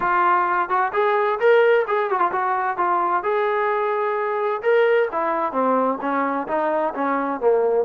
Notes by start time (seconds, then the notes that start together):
0.00 F4
0.69 F#4
0.93 G#4
1.39 A#4
1.87 G#4
2.10 F#4
2.19 F4
2.31 F#4
2.77 F4
3.23 G#4
4.62 A#4
5.11 E4
5.52 C4
6.01 C#4
6.47 D#4
6.94 C#4
7.40 A#3